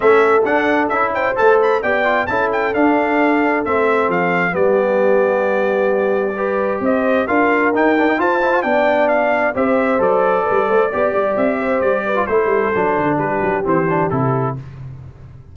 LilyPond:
<<
  \new Staff \with { instrumentName = "trumpet" } { \time 4/4 \tempo 4 = 132 e''4 fis''4 e''8 g''8 a''8 b''8 | g''4 a''8 g''8 f''2 | e''4 f''4 d''2~ | d''2. dis''4 |
f''4 g''4 a''4 g''4 | f''4 e''4 d''2~ | d''4 e''4 d''4 c''4~ | c''4 b'4 c''4 a'4 | }
  \new Staff \with { instrumentName = "horn" } { \time 4/4 a'2~ a'8 c''4. | d''4 a'2.~ | a'2 g'2~ | g'2 b'4 c''4 |
ais'2 c''4 d''4~ | d''4 c''2 b'8 c''8 | d''4. c''4 b'8 a'4~ | a'4 g'2. | }
  \new Staff \with { instrumentName = "trombone" } { \time 4/4 cis'4 d'4 e'4 a'4 | g'8 f'8 e'4 d'2 | c'2 b2~ | b2 g'2 |
f'4 dis'8 d'16 dis'16 f'8 e'16 f'16 d'4~ | d'4 g'4 a'2 | g'2~ g'8. f'16 e'4 | d'2 c'8 d'8 e'4 | }
  \new Staff \with { instrumentName = "tuba" } { \time 4/4 a4 d'4 cis'4 a4 | b4 cis'4 d'2 | a4 f4 g2~ | g2. c'4 |
d'4 dis'4 f'4 b4~ | b4 c'4 fis4 g8 a8 | b8 g8 c'4 g4 a8 g8 | fis8 d8 g8 fis8 e4 c4 | }
>>